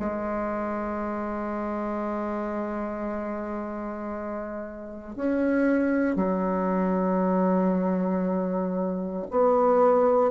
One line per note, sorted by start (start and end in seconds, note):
0.00 5.16 G#3
5.16 6.16 C#4
6.16 9.26 F#3
9.31 10.32 B3